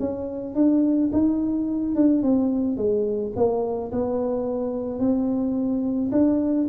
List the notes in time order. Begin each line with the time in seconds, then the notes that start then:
0.00 C#4
0.55 D4
1.13 D#4
1.96 D4
2.23 C4
2.77 G#3
3.36 A#3
3.92 B3
5.00 C4
6.12 D4